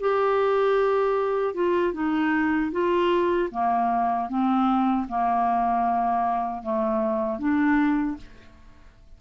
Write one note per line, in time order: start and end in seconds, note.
0.00 1.54 G4
1.54 1.93 F4
1.93 2.71 D#4
2.71 3.49 F4
3.51 4.29 A#3
4.29 5.07 C4
5.08 6.62 A#3
6.62 7.39 A3
7.39 8.17 D4